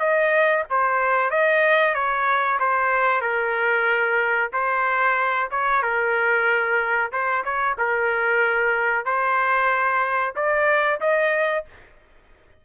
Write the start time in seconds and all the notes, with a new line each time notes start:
0.00 D#5
0.71 C5
1.31 D#5
1.95 C#5
2.60 C5
3.22 A#4
4.53 C5
5.51 C#5
5.83 A#4
7.12 C5
7.45 C#5
7.78 A#4
9.06 C5
10.36 D5
11.01 D#5